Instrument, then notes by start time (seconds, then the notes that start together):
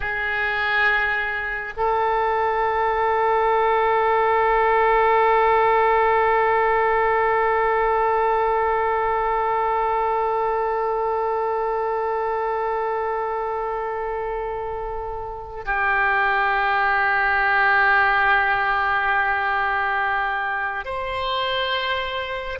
oboe
0.00 G#4
1.76 A4
15.65 G4
20.85 C5